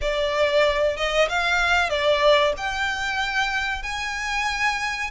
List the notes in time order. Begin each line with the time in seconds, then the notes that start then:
0.01 D5
0.96 D#5
1.28 F5
1.89 D5
2.57 G5
3.83 G#5